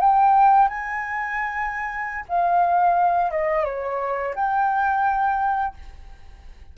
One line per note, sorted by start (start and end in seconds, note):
0.00 0.68 G5
0.68 2.25 G#5
2.29 3.31 F5
3.31 3.65 D#5
3.65 4.34 C#5
4.35 5.74 G5